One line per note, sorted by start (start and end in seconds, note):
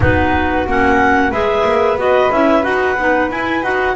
0.00 0.66 B3
0.00 0.66 D#4
0.00 1.30 F#4
0.00 0.68 B4
0.66 1.31 A#3
0.66 1.32 C#4
0.66 1.32 F#5
1.30 1.64 G#3
1.30 1.98 G#4
1.30 3.94 B4
1.30 1.98 E5
1.64 1.97 A#3
1.97 2.30 B3
1.97 2.30 F#4
1.97 2.32 D#5
2.31 2.64 C#4
2.31 2.62 E4
2.31 2.63 E5
2.62 2.97 D#4
2.62 2.95 F#4
2.62 3.29 F#5
2.97 3.30 B3
2.97 3.30 D#4
3.30 3.62 E4
3.30 3.63 G#5
3.62 3.95 D#4
3.62 3.95 F#4
3.62 3.95 F#5